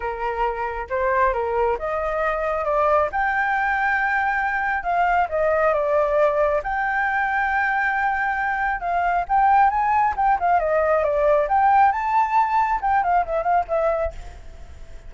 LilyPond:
\new Staff \with { instrumentName = "flute" } { \time 4/4 \tempo 4 = 136 ais'2 c''4 ais'4 | dis''2 d''4 g''4~ | g''2. f''4 | dis''4 d''2 g''4~ |
g''1 | f''4 g''4 gis''4 g''8 f''8 | dis''4 d''4 g''4 a''4~ | a''4 g''8 f''8 e''8 f''8 e''4 | }